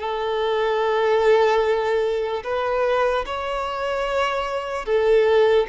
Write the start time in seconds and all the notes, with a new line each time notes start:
0.00 A4
2.44 B4
3.26 C#5
4.86 A4